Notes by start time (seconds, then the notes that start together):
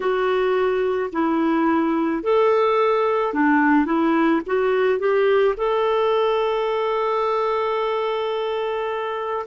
0.00 F#4
1.12 E4
2.23 A4
3.33 D4
3.85 E4
4.46 F#4
4.99 G4
5.57 A4